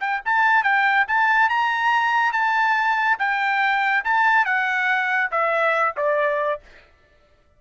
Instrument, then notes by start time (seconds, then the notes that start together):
trumpet
0.00 G5
0.25 A5
0.63 G5
1.08 A5
1.50 A#5
2.33 A5
3.19 G5
4.05 A5
4.45 F#5
5.32 E5
5.97 D5